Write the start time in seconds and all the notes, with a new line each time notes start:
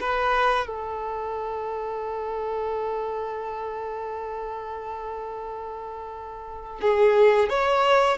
0.00 B4
0.67 A4
6.81 G#4
7.49 C#5